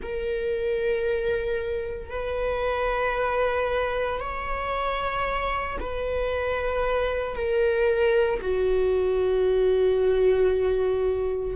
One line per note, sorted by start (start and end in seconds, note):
0.02 2.10 A#4
2.10 4.20 B4
4.20 5.78 C#5
5.79 7.35 B4
7.35 8.40 A#4
8.41 11.56 F#4